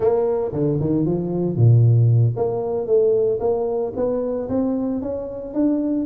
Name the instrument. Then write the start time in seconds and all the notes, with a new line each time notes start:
tuba
0.00 A#3
0.52 D3
0.80 D#3
1.05 F3
1.56 A#2
2.36 A#3
2.86 A3
3.40 A#3
3.95 B3
4.49 C4
5.01 C#4
5.54 D4